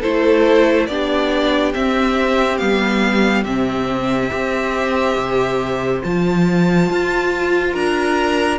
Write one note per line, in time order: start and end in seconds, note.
0.00 0.88 A3
0.00 0.89 E4
0.00 0.86 A4
0.00 0.86 C5
0.86 1.74 B3
0.86 1.73 D4
0.86 4.31 G4
0.86 1.72 D5
1.73 2.58 C4
1.73 2.60 C4
1.73 2.57 E5
2.57 3.44 G3
2.57 3.44 B3
2.57 3.43 F5
3.44 4.30 C3
3.44 4.30 C4
3.44 6.01 E5
4.30 5.16 C4
4.30 6.02 G4
4.30 7.73 C5
5.16 6.02 C3
6.02 6.89 F3
6.02 8.58 F4
6.02 7.75 A5
6.89 7.74 F4
7.73 8.58 D4
7.73 8.58 A#4
7.73 8.58 A#5